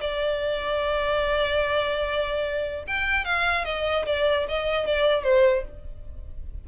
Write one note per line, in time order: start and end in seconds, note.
0.00 2.84 D5
2.87 3.24 G5
3.24 3.65 F5
3.65 4.05 D#5
4.06 4.46 D5
4.48 4.86 D#5
4.86 5.24 D5
5.24 5.64 C5